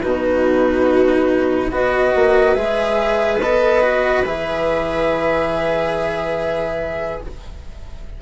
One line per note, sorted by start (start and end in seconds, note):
0.00 1.70 B2
0.00 1.71 D#4
0.00 1.69 F#4
0.00 1.70 B4
1.70 2.12 B3
1.70 2.55 F#4
1.70 7.20 B4
1.70 2.53 D#5
2.15 2.56 A#3
2.53 3.38 G#3
2.53 3.39 G#4
2.53 3.38 E5
3.38 4.23 B3
3.38 3.82 A4
3.38 4.24 D#5
3.82 4.24 F#4
4.24 7.20 E3
4.24 7.21 G#4
4.24 7.21 E5